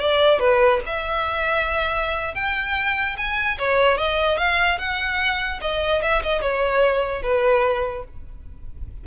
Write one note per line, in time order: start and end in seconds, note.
0.00 0.39 D5
0.39 0.80 B4
0.86 2.35 E5
2.35 3.17 G5
3.17 3.58 G#5
3.58 3.97 C#5
3.97 4.38 D#5
4.38 4.78 F5
4.78 5.60 F#5
5.61 6.02 D#5
6.02 6.23 E5
6.23 6.42 D#5
6.42 7.22 C#5
7.22 8.04 B4